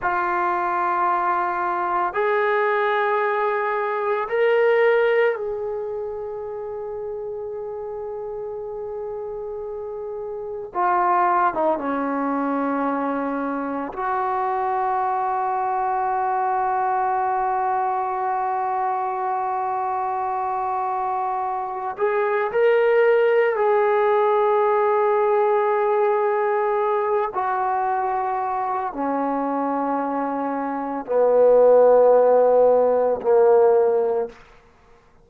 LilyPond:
\new Staff \with { instrumentName = "trombone" } { \time 4/4 \tempo 4 = 56 f'2 gis'2 | ais'4 gis'2.~ | gis'2 f'8. dis'16 cis'4~ | cis'4 fis'2.~ |
fis'1~ | fis'8 gis'8 ais'4 gis'2~ | gis'4. fis'4. cis'4~ | cis'4 b2 ais4 | }